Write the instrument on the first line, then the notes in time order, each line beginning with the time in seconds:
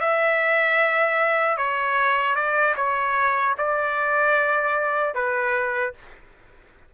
trumpet
0.00 E5
1.57 C#5
2.35 D5
2.76 C#5
3.57 D5
5.14 B4